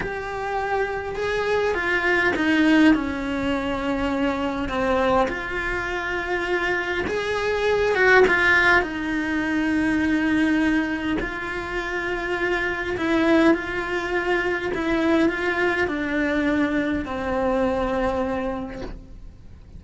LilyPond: \new Staff \with { instrumentName = "cello" } { \time 4/4 \tempo 4 = 102 g'2 gis'4 f'4 | dis'4 cis'2. | c'4 f'2. | gis'4. fis'8 f'4 dis'4~ |
dis'2. f'4~ | f'2 e'4 f'4~ | f'4 e'4 f'4 d'4~ | d'4 c'2. | }